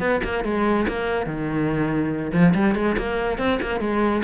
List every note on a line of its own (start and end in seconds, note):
0.00 0.21 B3
0.24 0.45 A#3
0.45 0.87 G#3
0.89 1.27 A#3
1.27 2.32 D#3
2.33 2.54 F3
2.55 2.75 G3
2.75 2.97 G#3
2.98 3.39 A#3
3.39 3.60 C4
3.62 3.81 A#3
3.81 4.23 G#3